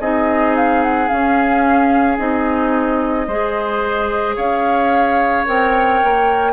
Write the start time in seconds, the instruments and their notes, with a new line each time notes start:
0.00 bassoon C4, clarinet D#4, oboe G#4, flute D#5
0.57 flute F5
0.83 flute F#5
1.09 clarinet C#4, bassoon C#4, flute F5
2.18 bassoon C4, clarinet D#4, flute D#5
3.27 bassoon G#3, clarinet G#4, oboe C5
4.36 bassoon C#4, oboe C#5, flute F5
5.45 bassoon C4, clarinet A#4, flute G5
6.04 bassoon A#3